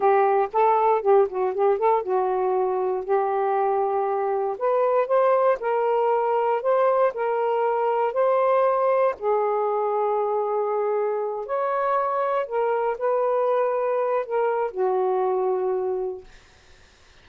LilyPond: \new Staff \with { instrumentName = "saxophone" } { \time 4/4 \tempo 4 = 118 g'4 a'4 g'8 fis'8 g'8 a'8 | fis'2 g'2~ | g'4 b'4 c''4 ais'4~ | ais'4 c''4 ais'2 |
c''2 gis'2~ | gis'2~ gis'8 cis''4.~ | cis''8 ais'4 b'2~ b'8 | ais'4 fis'2. | }